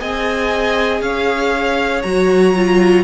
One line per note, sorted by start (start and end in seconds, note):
0.00 1.01 C4
0.00 2.03 G#4
0.00 1.02 D#5
0.00 1.01 G#5
1.01 2.03 C#4
1.01 3.04 C#5
1.01 2.02 F5
2.02 3.04 F#3
2.02 2.55 F#4
2.02 3.04 A#5
2.55 3.04 F4